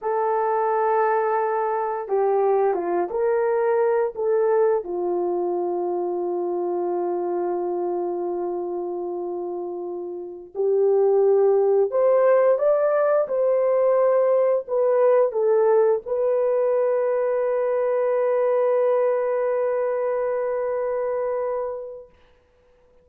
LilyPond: \new Staff \with { instrumentName = "horn" } { \time 4/4 \tempo 4 = 87 a'2. g'4 | f'8 ais'4. a'4 f'4~ | f'1~ | f'2.~ f'16 g'8.~ |
g'4~ g'16 c''4 d''4 c''8.~ | c''4~ c''16 b'4 a'4 b'8.~ | b'1~ | b'1 | }